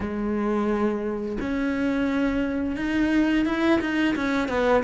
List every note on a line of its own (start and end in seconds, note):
0.00 1.38 G#3
1.40 2.76 C#4
2.76 3.45 D#4
3.45 3.80 E4
3.81 4.15 D#4
4.15 4.48 C#4
4.48 4.83 B3